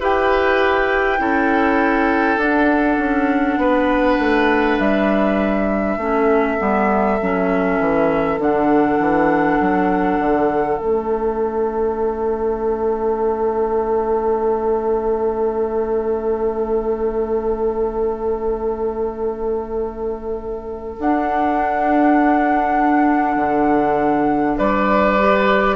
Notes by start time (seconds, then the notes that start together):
0.00 E4 G4 B4 G5
1.19 C#4 E4 A4
2.37 D4 F#5
2.98 C#4
3.58 B3 B4
4.20 A3
4.79 G3 E5
5.97 A3 C#4 A4
6.58 G3 B3
7.22 F#3 C#4
7.80 E3
8.39 D3 D4 F#5
9.00 E3
9.61 F#3
10.19 D3
10.78 A3 C#4 E5
20.99 D4 F#5
23.37 D3
24.58 G3 B4 D5
25.20 G4